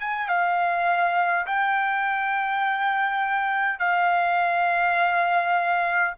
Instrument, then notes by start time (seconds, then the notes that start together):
trumpet
0.00 G#5
0.28 F5
1.47 G5
3.79 F5